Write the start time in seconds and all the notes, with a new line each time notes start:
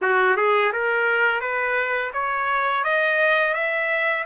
0.01 F#4
0.36 G#4
0.72 A#4
1.40 B4
2.13 C#5
2.84 D#5
3.54 E5